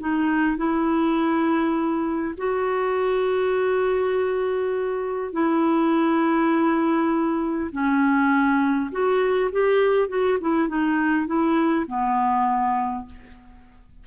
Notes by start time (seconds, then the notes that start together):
0.00 D#4
0.57 E4
2.38 F#4
5.33 E4
7.72 C#4
8.91 F#4
9.52 G4
10.09 F#4
10.41 E4
10.68 D#4
11.27 E4
11.87 B3